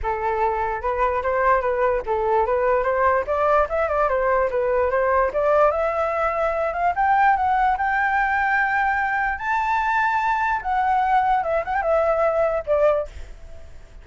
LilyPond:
\new Staff \with { instrumentName = "flute" } { \time 4/4 \tempo 4 = 147 a'2 b'4 c''4 | b'4 a'4 b'4 c''4 | d''4 e''8 d''8 c''4 b'4 | c''4 d''4 e''2~ |
e''8 f''8 g''4 fis''4 g''4~ | g''2. a''4~ | a''2 fis''2 | e''8 fis''16 g''16 e''2 d''4 | }